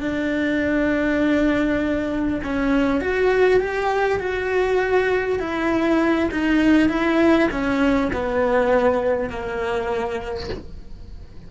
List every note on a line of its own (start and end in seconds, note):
0.00 2.40 D4
2.43 3.00 C#4
3.00 3.60 F#4
3.60 4.19 G4
4.19 5.39 F#4
5.39 6.29 E4
6.31 6.88 D#4
6.88 7.48 E4
7.51 8.11 C#4
8.12 9.29 B3
9.29 10.49 A#3